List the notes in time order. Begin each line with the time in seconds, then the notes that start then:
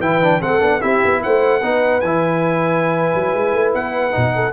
0.00 E3 E4 B4 G5
0.22 D4
0.41 A3 C4 A4 F#5
0.60 B3 D4
0.80 C4 E4 G4 E5
1.05 B3
1.23 A3 C5 F#5
1.61 B3 D#4 B4
2.01 E3 E4 G#5
3.14 F#3
3.34 G#3
3.54 A3
3.74 B3 F#5
4.11 B2 D#4
4.35 A4